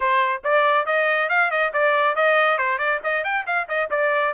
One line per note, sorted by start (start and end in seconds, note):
0.00 0.42 C5
0.44 0.86 D5
0.86 1.29 D#5
1.29 1.50 F5
1.50 1.72 D#5
1.73 2.15 D5
2.15 2.58 D#5
2.58 2.78 C5
2.78 3.00 D5
3.03 3.24 D#5
3.24 3.45 G5
3.46 3.68 F5
3.68 3.89 D#5
3.90 4.33 D5